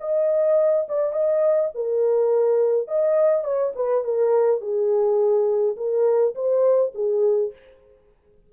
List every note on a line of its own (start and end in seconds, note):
0.00 0.87 D#5
0.88 1.12 D5
1.12 1.70 D#5
1.74 2.88 A#4
2.88 3.44 D#5
3.44 3.73 C#5
3.75 4.04 B4
4.04 4.61 A#4
4.61 5.76 G#4
5.76 6.34 A#4
6.35 6.92 C5
6.94 7.52 G#4